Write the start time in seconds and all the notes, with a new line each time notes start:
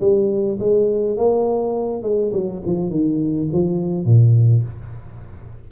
0.00 G3
0.59 G#3
1.17 A#3
2.03 G#3
2.33 F#3
2.66 F3
2.90 D#3
3.52 F3
4.05 A#2